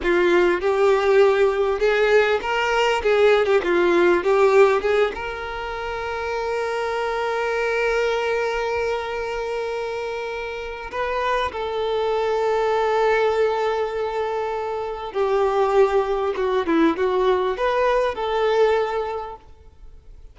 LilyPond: \new Staff \with { instrumentName = "violin" } { \time 4/4 \tempo 4 = 99 f'4 g'2 gis'4 | ais'4 gis'8. g'16 f'4 g'4 | gis'8 ais'2.~ ais'8~ | ais'1~ |
ais'2 b'4 a'4~ | a'1~ | a'4 g'2 fis'8 e'8 | fis'4 b'4 a'2 | }